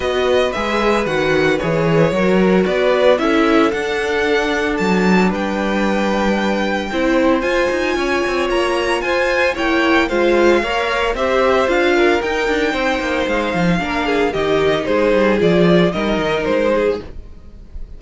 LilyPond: <<
  \new Staff \with { instrumentName = "violin" } { \time 4/4 \tempo 4 = 113 dis''4 e''4 fis''4 cis''4~ | cis''4 d''4 e''4 fis''4~ | fis''4 a''4 g''2~ | g''2 gis''2 |
ais''4 gis''4 g''4 f''4~ | f''4 e''4 f''4 g''4~ | g''4 f''2 dis''4 | c''4 d''4 dis''4 c''4 | }
  \new Staff \with { instrumentName = "violin" } { \time 4/4 b'1 | ais'4 b'4 a'2~ | a'2 b'2~ | b'4 c''2 cis''4~ |
cis''4 c''4 cis''4 c''4 | cis''4 c''4. ais'4. | c''2 ais'8 gis'8 g'4 | gis'2 ais'4. gis'8 | }
  \new Staff \with { instrumentName = "viola" } { \time 4/4 fis'4 gis'4 fis'4 gis'4 | fis'2 e'4 d'4~ | d'1~ | d'4 e'4 f'2~ |
f'2 e'4 f'4 | ais'4 g'4 f'4 dis'4~ | dis'2 d'4 dis'4~ | dis'4 f'4 dis'2 | }
  \new Staff \with { instrumentName = "cello" } { \time 4/4 b4 gis4 dis4 e4 | fis4 b4 cis'4 d'4~ | d'4 fis4 g2~ | g4 c'4 f'8 dis'8 cis'8 c'8 |
ais4 f'4 ais4 gis4 | ais4 c'4 d'4 dis'8 d'8 | c'8 ais8 gis8 f8 ais4 dis4 | gis8 g8 f4 g8 dis8 gis4 | }
>>